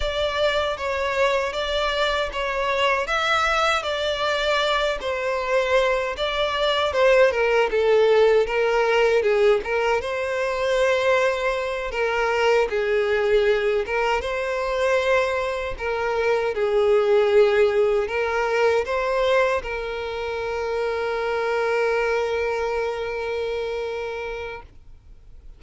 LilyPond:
\new Staff \with { instrumentName = "violin" } { \time 4/4 \tempo 4 = 78 d''4 cis''4 d''4 cis''4 | e''4 d''4. c''4. | d''4 c''8 ais'8 a'4 ais'4 | gis'8 ais'8 c''2~ c''8 ais'8~ |
ais'8 gis'4. ais'8 c''4.~ | c''8 ais'4 gis'2 ais'8~ | ais'8 c''4 ais'2~ ais'8~ | ais'1 | }